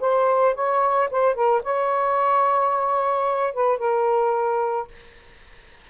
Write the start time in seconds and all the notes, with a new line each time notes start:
0.00 C5
0.55 C#5
1.10 C5
1.34 A#4
1.63 C#5
3.53 B4
3.78 A#4